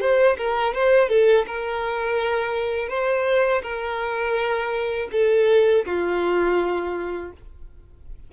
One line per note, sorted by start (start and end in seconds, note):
0.00 0.37 C5
0.38 0.74 A#4
0.74 1.09 C5
1.09 1.45 A4
1.46 2.89 A#4
2.89 3.62 C5
3.62 5.09 A#4
5.12 5.85 A4
5.85 7.32 F4